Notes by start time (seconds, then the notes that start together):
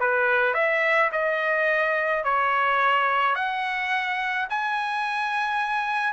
0.00 B4
0.54 E5
1.12 D#5
2.24 C#5
3.35 F#5
4.49 G#5